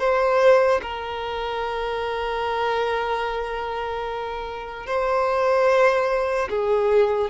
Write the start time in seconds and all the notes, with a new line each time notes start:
0.00 C5
0.82 A#4
4.87 C5
6.50 G#4